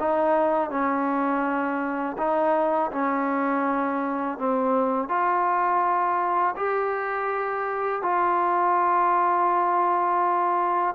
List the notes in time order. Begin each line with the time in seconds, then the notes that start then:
0.00 D#4
0.71 C#4
2.18 D#4
2.92 C#4
4.38 C4
5.09 F4
6.57 G4
8.03 F4